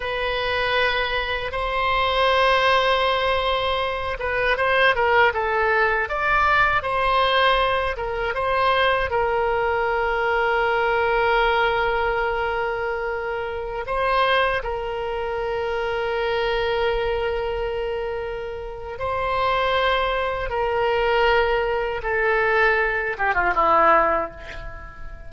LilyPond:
\new Staff \with { instrumentName = "oboe" } { \time 4/4 \tempo 4 = 79 b'2 c''2~ | c''4. b'8 c''8 ais'8 a'4 | d''4 c''4. ais'8 c''4 | ais'1~ |
ais'2~ ais'16 c''4 ais'8.~ | ais'1~ | ais'4 c''2 ais'4~ | ais'4 a'4. g'16 f'16 e'4 | }